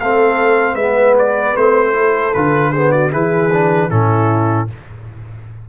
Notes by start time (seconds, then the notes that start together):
0.00 A3 C4 A4 F5
0.74 G#3 B4 E5
0.81 B3
1.19 D5
1.57 A3 C4 C5
1.93 E4 A4
2.34 D3 F4 B4
2.72 B3 G#4 C5
2.92 F#4 D5
3.11 E3 E4 G#4 B4
3.53 D4
3.90 A2 C#4 E4 A4